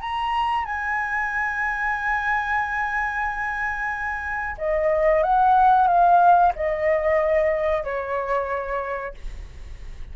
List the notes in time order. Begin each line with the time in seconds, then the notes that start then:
0.00 A#5
0.65 G#5
4.57 D#5
5.23 F#5
5.87 F5
6.55 D#5
7.83 C#5